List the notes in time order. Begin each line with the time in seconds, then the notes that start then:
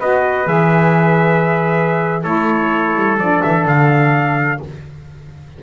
0.00 B3 F#4 B4 D#5
0.46 E3 G#4 E5
2.23 A3 E4 A4 C#5
2.95 G3
3.18 F3 D4 D5
3.43 E3 E5
3.66 D3 F5